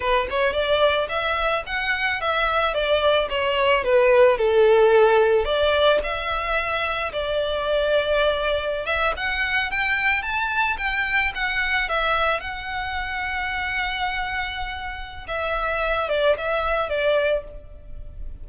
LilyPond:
\new Staff \with { instrumentName = "violin" } { \time 4/4 \tempo 4 = 110 b'8 cis''8 d''4 e''4 fis''4 | e''4 d''4 cis''4 b'4 | a'2 d''4 e''4~ | e''4 d''2.~ |
d''16 e''8 fis''4 g''4 a''4 g''16~ | g''8. fis''4 e''4 fis''4~ fis''16~ | fis''1 | e''4. d''8 e''4 d''4 | }